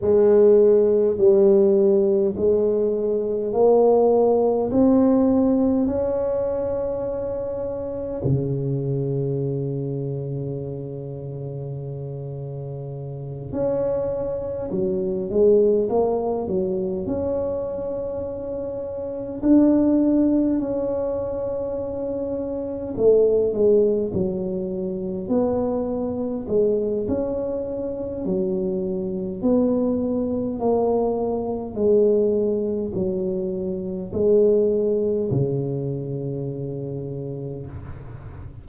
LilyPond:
\new Staff \with { instrumentName = "tuba" } { \time 4/4 \tempo 4 = 51 gis4 g4 gis4 ais4 | c'4 cis'2 cis4~ | cis2.~ cis8 cis'8~ | cis'8 fis8 gis8 ais8 fis8 cis'4.~ |
cis'8 d'4 cis'2 a8 | gis8 fis4 b4 gis8 cis'4 | fis4 b4 ais4 gis4 | fis4 gis4 cis2 | }